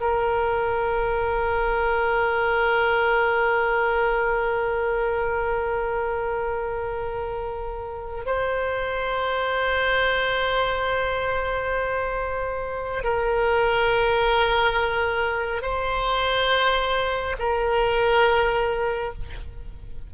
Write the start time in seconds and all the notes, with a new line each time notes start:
0.00 A#4
8.25 C5
13.03 A#4
15.62 C5
17.39 A#4